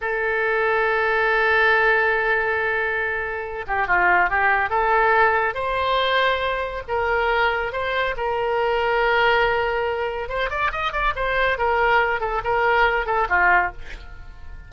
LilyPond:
\new Staff \with { instrumentName = "oboe" } { \time 4/4 \tempo 4 = 140 a'1~ | a'1~ | a'8 g'8 f'4 g'4 a'4~ | a'4 c''2. |
ais'2 c''4 ais'4~ | ais'1 | c''8 d''8 dis''8 d''8 c''4 ais'4~ | ais'8 a'8 ais'4. a'8 f'4 | }